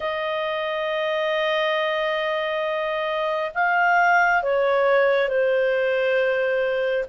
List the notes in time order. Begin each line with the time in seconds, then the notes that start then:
0.00 D#5
3.54 F5
4.42 C#5
5.28 C5